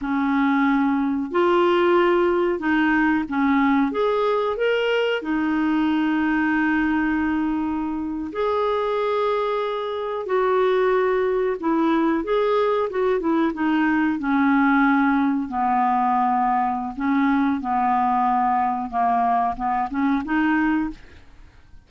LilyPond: \new Staff \with { instrumentName = "clarinet" } { \time 4/4 \tempo 4 = 92 cis'2 f'2 | dis'4 cis'4 gis'4 ais'4 | dis'1~ | dis'8. gis'2. fis'16~ |
fis'4.~ fis'16 e'4 gis'4 fis'16~ | fis'16 e'8 dis'4 cis'2 b16~ | b2 cis'4 b4~ | b4 ais4 b8 cis'8 dis'4 | }